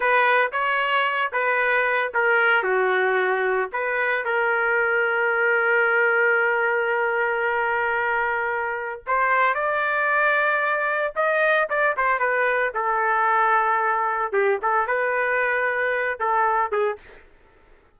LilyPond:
\new Staff \with { instrumentName = "trumpet" } { \time 4/4 \tempo 4 = 113 b'4 cis''4. b'4. | ais'4 fis'2 b'4 | ais'1~ | ais'1~ |
ais'4 c''4 d''2~ | d''4 dis''4 d''8 c''8 b'4 | a'2. g'8 a'8 | b'2~ b'8 a'4 gis'8 | }